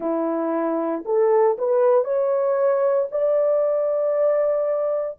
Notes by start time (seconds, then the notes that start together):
0.00 E4
1.05 A4
1.58 B4
2.04 C#5
3.11 D5